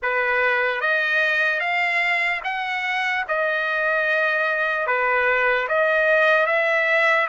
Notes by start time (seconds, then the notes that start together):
0.02 B4
0.81 D#5
1.60 F5
2.43 F#5
3.28 D#5
4.86 B4
5.68 D#5
6.46 E5